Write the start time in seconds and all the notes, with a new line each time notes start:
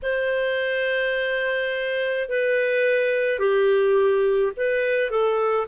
0.02 C5
2.28 B4
3.39 G4
4.56 B4
5.10 A4